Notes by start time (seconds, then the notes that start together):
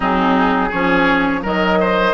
0.00 F#3 C4 D#4 G#4
0.68 F3 C#4 G#4 C#5
1.41 D#3 F#3 A#4 D#5
1.80 C5